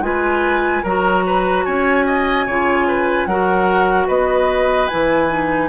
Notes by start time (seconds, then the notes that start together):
0.00 G#3 F4 B4 G#5
0.83 F#3 F#4 A#4 A#5
1.26 B4
1.65 C#4 C#5 G#5
2.06 D#5
2.46 C#3 F4 C#5
2.87 B4
3.25 F#3 F#4 A#4 F#5
4.06 B3 B4 D#5
4.87 E3 E4 G#5
5.29 D#4